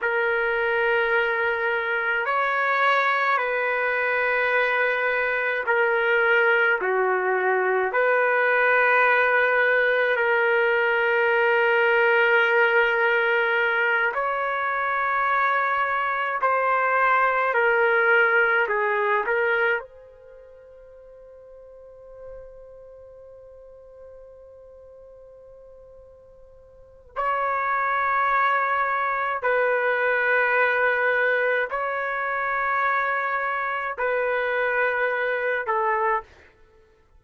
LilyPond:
\new Staff \with { instrumentName = "trumpet" } { \time 4/4 \tempo 4 = 53 ais'2 cis''4 b'4~ | b'4 ais'4 fis'4 b'4~ | b'4 ais'2.~ | ais'8 cis''2 c''4 ais'8~ |
ais'8 gis'8 ais'8 c''2~ c''8~ | c''1 | cis''2 b'2 | cis''2 b'4. a'8 | }